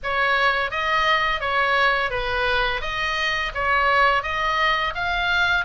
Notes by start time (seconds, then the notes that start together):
0.03 C#5
0.71 D#5
1.40 C#5
2.10 B4
2.81 D#5
3.54 C#5
4.23 D#5
4.94 F5